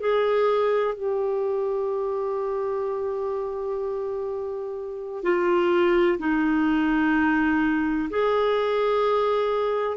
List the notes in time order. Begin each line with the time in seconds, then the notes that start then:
0.00 G#4
0.95 G4
5.23 F4
6.19 D#4
8.10 G#4